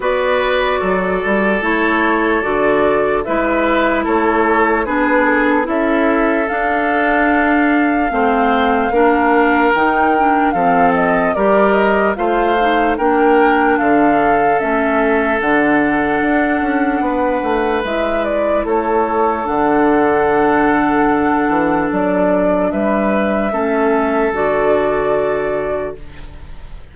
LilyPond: <<
  \new Staff \with { instrumentName = "flute" } { \time 4/4 \tempo 4 = 74 d''2 cis''4 d''4 | e''4 cis''4 b'8 a'8 e''4 | f''1 | g''4 f''8 dis''8 d''8 dis''8 f''4 |
g''4 f''4 e''4 fis''4~ | fis''2 e''8 d''8 cis''4 | fis''2. d''4 | e''2 d''2 | }
  \new Staff \with { instrumentName = "oboe" } { \time 4/4 b'4 a'2. | b'4 a'4 gis'4 a'4~ | a'2 c''4 ais'4~ | ais'4 a'4 ais'4 c''4 |
ais'4 a'2.~ | a'4 b'2 a'4~ | a'1 | b'4 a'2. | }
  \new Staff \with { instrumentName = "clarinet" } { \time 4/4 fis'2 e'4 fis'4 | e'2 d'4 e'4 | d'2 c'4 d'4 | dis'8 d'8 c'4 g'4 f'8 dis'8 |
d'2 cis'4 d'4~ | d'2 e'2 | d'1~ | d'4 cis'4 fis'2 | }
  \new Staff \with { instrumentName = "bassoon" } { \time 4/4 b4 fis8 g8 a4 d4 | gis4 a4 b4 cis'4 | d'2 a4 ais4 | dis4 f4 g4 a4 |
ais4 d4 a4 d4 | d'8 cis'8 b8 a8 gis4 a4 | d2~ d8 e8 fis4 | g4 a4 d2 | }
>>